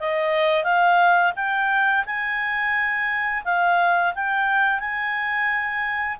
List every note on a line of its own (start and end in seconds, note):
0.00 0.64 D#5
0.64 1.33 F5
1.36 2.05 G5
2.06 3.44 G#5
3.45 4.13 F5
4.15 4.80 G5
4.80 6.18 G#5